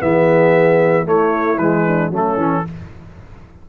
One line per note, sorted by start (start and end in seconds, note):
0.00 1.07 E3
0.00 1.05 B3
0.00 1.07 G#4
0.00 1.08 E5
1.05 1.58 A3
1.05 1.86 E4
1.05 1.59 C#5
1.58 2.11 E3
1.58 2.13 G#3
1.58 2.11 B4
1.88 2.12 D4
2.11 2.37 F#3
2.11 2.39 A3
2.11 2.64 C#4
2.17 2.70 A4
2.37 2.63 E3
2.37 2.65 C#4